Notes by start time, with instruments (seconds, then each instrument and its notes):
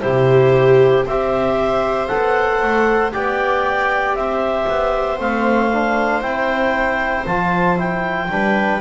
0.00 double bass C3, trombone E4, viola G4, clarinet C5
1.06 double bass C4, trombone G4, viola C5, clarinet E5
2.07 double bass B3, trombone A4, clarinet F#5
2.62 double bass A3
3.12 double bass B3, trombone G4, viola D5, clarinet G5
4.14 double bass C4, viola C5, clarinet E5
4.68 double bass B3
5.19 double bass A3, trombone C4, clarinet F5
5.73 trombone D4
6.21 double bass C4, trombone E4, clarinet G5
7.26 double bass F3, trombone F4, clarinet A5
7.76 trombone E4, clarinet G5
8.28 double bass G3, trombone D4, viola B4